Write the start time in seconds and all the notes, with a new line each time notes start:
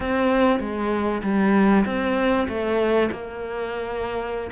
0.00 C4
0.60 G#3
1.22 G3
1.85 C4
2.48 A3
3.11 A#3